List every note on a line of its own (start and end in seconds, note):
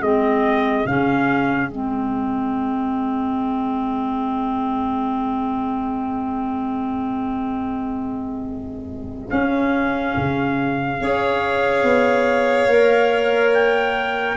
0.00 0.85 G#3
0.00 0.87 C4
0.00 10.99 G#4
0.00 0.87 D#5
0.86 1.70 C#3
0.86 1.71 C#4
0.86 1.71 F5
1.70 9.31 G#3
1.70 9.29 C4
1.70 9.31 D#5
9.29 10.98 C#4
9.29 10.16 C#4
9.29 13.53 F5
10.17 11.01 C#3
11.01 11.83 C#4
11.01 12.69 G#4
11.01 14.37 C#5
11.83 12.67 B3
12.67 14.36 A#3
12.67 14.37 A#4
13.54 14.37 G5